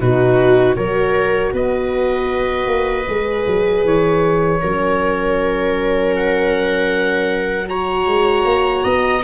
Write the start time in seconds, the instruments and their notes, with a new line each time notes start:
0.00 tuba B2, horn D#4, viola F#4, oboe B4
0.76 tuba F#3, horn F#4, viola A#4, oboe C#5
1.53 tuba B3, viola B4, oboe D#5
2.67 tuba A#3
3.08 tuba G#3, horn G#4
3.47 tuba F#3
3.85 tuba E3, oboe C#5
4.61 tuba F#3, horn C#4, viola A#4
6.16 oboe F#5
7.68 horn F#4, viola C#5, oboe A#5
8.06 tuba G#3
8.45 tuba A#3
8.85 tuba B3, viola D#5